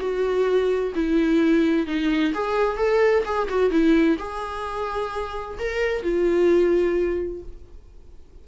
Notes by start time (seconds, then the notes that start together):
0.00 F#4
0.95 E4
1.86 D#4
2.34 G#4
2.77 A4
3.25 G#4
3.49 F#4
3.70 E4
4.18 G#4
5.59 A#4
6.03 F4